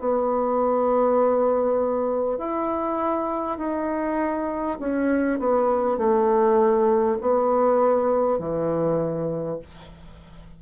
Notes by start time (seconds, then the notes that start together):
0.00 B3
2.38 E4
3.59 D#4
4.80 C#4
5.40 B3
5.98 A3
7.22 B3
8.39 E3